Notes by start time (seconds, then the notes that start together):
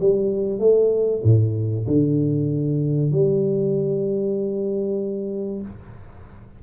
0.00 G3
0.60 A3
1.24 A2
1.87 D3
3.12 G3